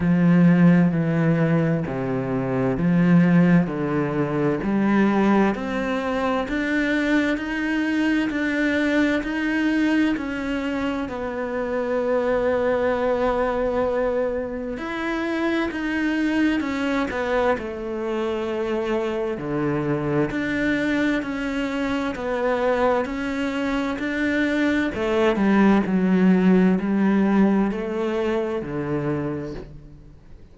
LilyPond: \new Staff \with { instrumentName = "cello" } { \time 4/4 \tempo 4 = 65 f4 e4 c4 f4 | d4 g4 c'4 d'4 | dis'4 d'4 dis'4 cis'4 | b1 |
e'4 dis'4 cis'8 b8 a4~ | a4 d4 d'4 cis'4 | b4 cis'4 d'4 a8 g8 | fis4 g4 a4 d4 | }